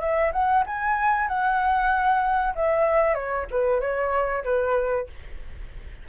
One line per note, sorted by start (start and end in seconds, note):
0.00 0.32 E5
0.32 0.64 F#5
0.66 1.28 G#5
1.28 2.54 F#5
2.55 3.14 E5
3.14 3.46 C#5
3.51 3.80 B4
3.80 4.44 C#5
4.44 5.07 B4